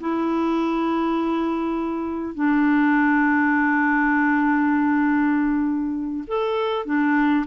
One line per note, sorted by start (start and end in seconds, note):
0.00 2.34 E4
2.34 6.24 D4
6.27 6.85 A4
6.85 7.45 D4